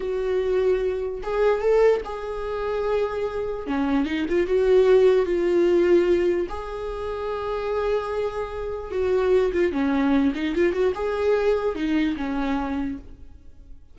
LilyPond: \new Staff \with { instrumentName = "viola" } { \time 4/4 \tempo 4 = 148 fis'2. gis'4 | a'4 gis'2.~ | gis'4 cis'4 dis'8 f'8 fis'4~ | fis'4 f'2. |
gis'1~ | gis'2 fis'4. f'8 | cis'4. dis'8 f'8 fis'8 gis'4~ | gis'4 dis'4 cis'2 | }